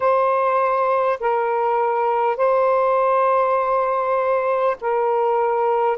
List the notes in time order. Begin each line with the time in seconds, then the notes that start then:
0.00 C5
1.19 A#4
2.37 C5
4.81 A#4